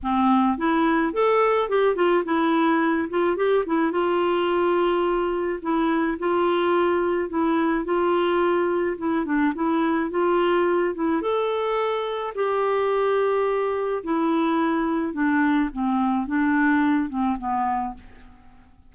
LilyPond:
\new Staff \with { instrumentName = "clarinet" } { \time 4/4 \tempo 4 = 107 c'4 e'4 a'4 g'8 f'8 | e'4. f'8 g'8 e'8 f'4~ | f'2 e'4 f'4~ | f'4 e'4 f'2 |
e'8 d'8 e'4 f'4. e'8 | a'2 g'2~ | g'4 e'2 d'4 | c'4 d'4. c'8 b4 | }